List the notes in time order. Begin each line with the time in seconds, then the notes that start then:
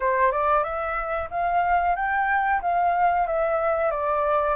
0.00 C5
0.31 D5
0.63 E5
1.30 F5
1.95 G5
2.61 F5
3.26 E5
3.90 D5